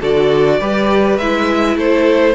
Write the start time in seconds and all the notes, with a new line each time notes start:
0.00 D3 F#4 A4 D5
0.59 G3 G4 B4
1.17 G#3 E4 E5
1.76 A3 A4 C5